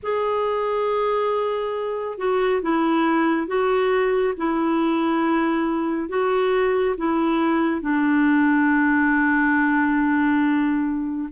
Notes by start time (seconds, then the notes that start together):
0.02 G#4
2.17 F#4
2.62 E4
3.47 F#4
4.37 E4
6.08 F#4
6.97 E4
7.81 D4